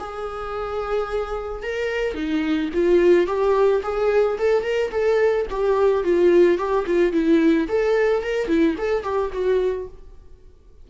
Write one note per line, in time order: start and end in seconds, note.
0.00 1.63 G#4
1.63 2.15 A#4
2.15 2.70 D#4
2.74 3.27 F4
3.27 3.82 G4
3.83 4.38 G#4
4.39 4.64 A4
4.64 4.91 A#4
4.91 5.46 A4
5.50 6.04 G4
6.04 6.58 F4
6.58 6.86 G4
6.87 7.13 F4
7.13 7.68 E4
7.69 8.23 A4
8.23 8.48 A#4
8.48 8.75 E4
8.78 9.03 A4
9.03 9.31 G4
9.33 9.88 F#4